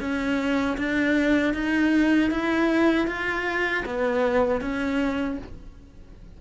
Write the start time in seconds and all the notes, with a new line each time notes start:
0.00 C#4
0.77 D4
1.54 D#4
2.31 E4
3.07 F4
3.85 B3
4.61 C#4